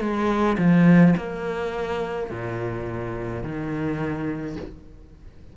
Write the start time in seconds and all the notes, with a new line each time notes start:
0.00 G#3
0.58 F3
1.17 A#3
2.30 A#2
3.43 D#3